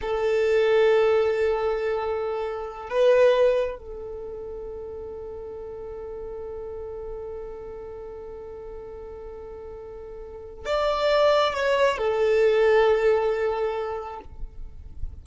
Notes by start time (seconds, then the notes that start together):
0.01 A4
2.89 B4
3.78 A4
10.65 D5
11.53 C#5
11.98 A4